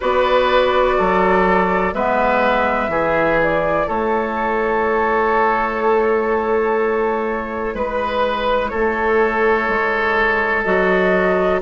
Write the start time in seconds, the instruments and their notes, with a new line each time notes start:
0.00 bassoon B3, clarinet F#4, oboe B4, flute D5
0.98 bassoon F#3, oboe A4
1.93 bassoon G#3, clarinet B3, oboe B4, flute E5
2.88 bassoon E3, clarinet E4, oboe G#4
3.43 flute D5
3.87 bassoon A3, oboe A4, flute C#5
7.74 bassoon G#3, oboe B4, flute B4
8.68 bassoon A3, oboe A4, flute C#5
9.68 bassoon G#3
10.63 bassoon F#3, clarinet F#4, flute D#5